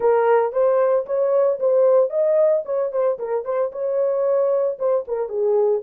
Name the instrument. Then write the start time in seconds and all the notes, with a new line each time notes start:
horn
0.00 A#4
0.52 C5
1.06 C#5
1.59 C5
2.09 D#5
2.65 C#5
2.92 C5
3.18 A#4
3.44 C5
3.71 C#5
4.78 C5
5.07 A#4
5.29 G#4